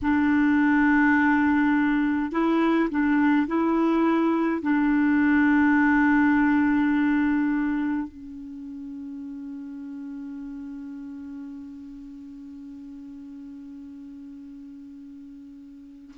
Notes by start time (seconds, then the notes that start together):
0.02 D4
2.31 E4
2.90 D4
3.47 E4
4.62 D4
8.07 C#4